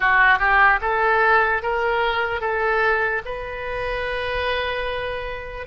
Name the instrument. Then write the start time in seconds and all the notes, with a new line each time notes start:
oboe
0.00 F#4
0.38 G4
0.81 A4
1.62 A#4
2.41 A4
3.25 B4